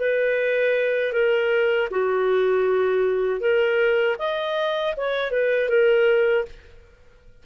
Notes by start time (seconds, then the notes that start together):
0.00 B4
1.13 A#4
1.91 F#4
3.41 A#4
4.19 D#5
4.97 C#5
5.31 B4
5.70 A#4